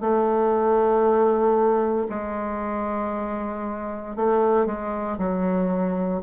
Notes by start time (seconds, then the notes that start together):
0.00 A3
2.09 G#3
4.16 A3
4.66 G#3
5.18 F#3